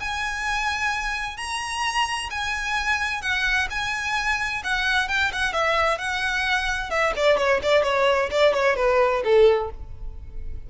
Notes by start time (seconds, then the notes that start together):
0.00 G#5
1.37 A#5
2.30 G#5
3.22 F#5
3.70 G#5
4.64 F#5
5.08 G5
5.32 F#5
5.53 E5
5.98 F#5
6.90 E5
7.16 D5
7.38 C#5
7.63 D5
7.83 C#5
8.31 D5
8.54 C#5
8.76 B4
9.24 A4